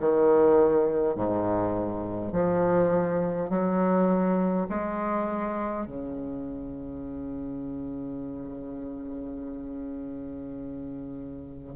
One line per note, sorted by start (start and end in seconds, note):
0.00 1.15 D#3
1.15 2.32 G#2
2.32 3.50 F3
3.50 4.67 F#3
4.69 5.86 G#3
5.86 11.74 C#3